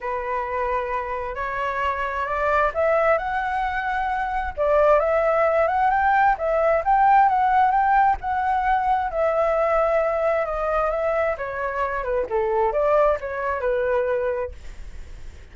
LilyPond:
\new Staff \with { instrumentName = "flute" } { \time 4/4 \tempo 4 = 132 b'2. cis''4~ | cis''4 d''4 e''4 fis''4~ | fis''2 d''4 e''4~ | e''8 fis''8 g''4 e''4 g''4 |
fis''4 g''4 fis''2 | e''2. dis''4 | e''4 cis''4. b'8 a'4 | d''4 cis''4 b'2 | }